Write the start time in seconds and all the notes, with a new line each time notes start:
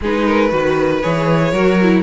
0.01 G#3 D#4 G#4 B4
0.25 A#4
0.50 D#3 F#4 B4
1.02 E3 G#4 C#5
1.51 F#3 F#4 A#4
1.82 E4